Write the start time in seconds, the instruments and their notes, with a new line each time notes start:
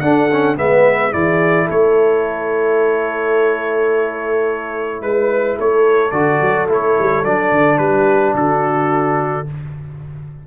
0.00 tuba D4, trombone D4, horn A4, trumpet F#5
0.32 trombone C#4
0.56 tuba G#3, trombone B3, horn B4, trumpet E5
1.11 tuba E3, trombone E4, horn G#4, trumpet D5
1.65 tuba A3, horn A4, trumpet C#5
5.02 tuba G#3, trumpet B4, horn B4
5.56 tuba A3, horn A4, trumpet C#5
6.11 tuba D3, trombone F#4, trumpet D5
6.41 tuba F#3
6.69 tuba A3, trombone E4, trumpet C#5
6.98 tuba G3
7.24 tuba F#3, trombone D4, trumpet D5
7.52 tuba D3
7.78 tuba G3, horn G4, trumpet B4
8.35 tuba D3, horn F#4, trumpet A4